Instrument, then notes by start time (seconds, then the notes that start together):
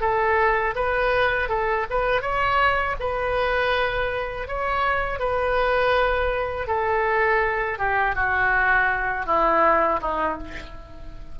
oboe
0.00 A4
0.75 B4
1.48 A4
1.90 B4
2.21 C#5
2.99 B4
4.47 C#5
5.19 B4
6.67 A4
7.78 G4
8.14 F#4
9.26 E4
10.01 D#4